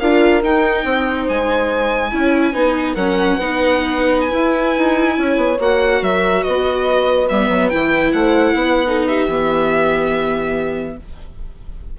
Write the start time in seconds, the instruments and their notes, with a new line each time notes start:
0.00 bassoon D4, viola F4, horn A#4, violin F5
0.43 viola D#4, bassoon D#4, violin G5
0.85 bassoon C4, horn C5
1.29 bassoon G#3, violin G#5
2.11 bassoon C#4, viola E4, horn C#5
2.54 bassoon B3, viola D#4, horn B4
2.95 bassoon F#3, viola C#4, horn A#4, violin F#5
3.36 bassoon B3, viola D#4, horn B4
4.21 violin G#5
4.30 viola E4, bassoon E4
4.78 bassoon D#4
5.18 bassoon C#4, horn C#5
5.37 bassoon B3
5.60 bassoon A#3, viola F#4, violin F#5
6.02 bassoon F#3, horn A#4, violin E5
6.43 bassoon B3, horn B4, violin D#5
7.29 bassoon G3, viola B3, violin E5
7.50 bassoon F#3
7.70 bassoon E3, viola E4, violin G5
8.13 bassoon A3, horn C5, violin F#5
8.54 bassoon B3, horn B4
8.87 viola D#4, horn A4
9.07 horn G4, violin E5
9.28 bassoon E3, viola B3